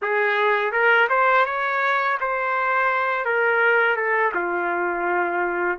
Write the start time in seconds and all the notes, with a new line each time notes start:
0.02 G#4
0.72 A#4
1.09 C5
1.45 C#5
2.20 C5
3.25 A#4
3.96 A4
4.34 F4